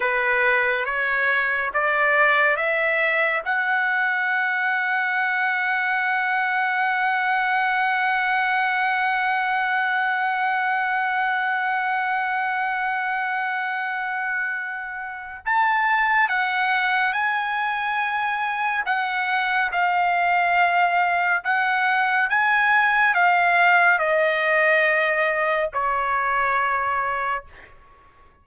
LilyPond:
\new Staff \with { instrumentName = "trumpet" } { \time 4/4 \tempo 4 = 70 b'4 cis''4 d''4 e''4 | fis''1~ | fis''1~ | fis''1~ |
fis''2 a''4 fis''4 | gis''2 fis''4 f''4~ | f''4 fis''4 gis''4 f''4 | dis''2 cis''2 | }